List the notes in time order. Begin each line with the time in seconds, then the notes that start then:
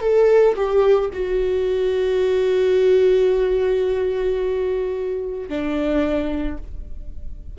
0.00 A4
0.55 G4
1.13 F#4
5.48 D4